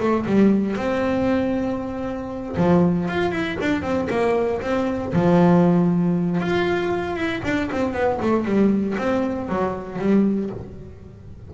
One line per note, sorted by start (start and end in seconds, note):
0.00 0.26 A3
0.26 0.76 G3
0.76 2.56 C4
2.57 3.08 F3
3.08 3.31 F4
3.31 3.57 E4
3.61 3.82 D4
3.82 4.08 C4
4.10 4.61 A#3
4.62 5.13 C4
5.13 6.41 F3
6.41 7.16 F4
7.16 7.41 E4
7.44 7.69 D4
7.71 7.93 C4
7.93 8.19 B3
8.21 8.45 A3
8.45 8.96 G3
8.98 9.49 C4
9.49 9.99 F#3
9.99 10.50 G3